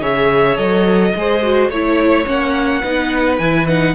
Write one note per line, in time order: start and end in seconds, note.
0.00 0.58 C#3
0.00 0.56 G#4
0.00 1.12 C#5
0.00 0.57 E5
0.56 1.14 F#3
0.56 1.12 A4
0.56 1.69 D#5
1.15 1.69 G#3
1.15 1.43 G#4
1.15 1.71 C5
1.43 1.71 F#4
1.69 2.25 A3
1.69 2.26 E4
1.69 2.26 C#5
1.69 2.81 C#5
2.26 2.83 A#3
2.26 2.82 C#4
2.26 3.38 F#5
2.81 3.39 B3
2.81 3.40 D#4
2.81 3.93 B4
3.38 3.95 E3
3.38 3.68 E4
3.38 3.66 G#5
3.68 3.95 D#4
3.68 3.95 F#5